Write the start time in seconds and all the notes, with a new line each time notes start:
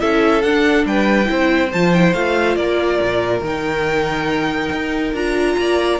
0.00 C#4 E4 A4 E5
0.42 D4 F#5
0.86 G3 B4 G5
1.26 C4 E4 C5
1.73 F3 F4 A5
1.94 E4 G5
2.14 A3 F4 F5
2.56 A#3 A#4 D5
3.02 A#2
3.41 D#3 D#4 G5
4.72 D#4
5.14 D4 F4 A#5
5.58 A#3 D5